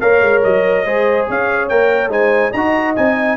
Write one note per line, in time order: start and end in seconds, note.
0.00 0.21 A#3
0.00 0.85 A#4
0.00 0.86 C#5
0.00 0.42 F5
0.21 0.42 G#3
0.43 0.85 F#3
0.43 1.27 D#5
0.85 1.27 G#3
0.85 1.71 G#4
0.85 1.28 C5
1.28 1.71 C#4
1.28 2.11 C#5
1.28 1.68 F5
1.68 2.08 A#3
1.68 2.10 A#4
1.68 2.11 G5
2.08 2.51 G#3
2.08 2.52 D#4
2.08 2.51 C5
2.08 2.52 G#5
2.51 2.96 D#4
2.51 3.35 D#5
2.51 2.95 A#5
2.57 2.97 F#4
2.96 3.37 C4
2.96 3.37 D#4
2.96 3.37 G#5